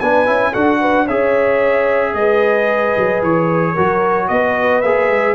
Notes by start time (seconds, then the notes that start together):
0.00 B3 D4 B4 G#5
0.26 C#4 E4
0.52 D4 F#4 A4 F#5
0.81 B4
1.05 C#4 G#4 C#5 E5
2.15 G#3 B4 D#5
2.98 F#3
3.22 E3 C#5
3.74 F#3 F#4 A#4
4.28 B3 B4 D#5
4.81 A#3 G#4 E5
5.09 G#3